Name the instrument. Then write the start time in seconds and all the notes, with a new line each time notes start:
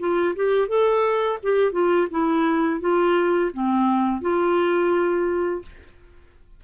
clarinet
0.00 F4
0.36 G4
0.69 A4
1.43 G4
1.73 F4
2.11 E4
2.81 F4
3.54 C4
4.22 F4